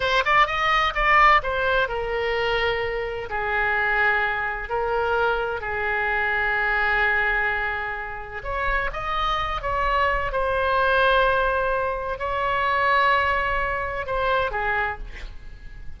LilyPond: \new Staff \with { instrumentName = "oboe" } { \time 4/4 \tempo 4 = 128 c''8 d''8 dis''4 d''4 c''4 | ais'2. gis'4~ | gis'2 ais'2 | gis'1~ |
gis'2 cis''4 dis''4~ | dis''8 cis''4. c''2~ | c''2 cis''2~ | cis''2 c''4 gis'4 | }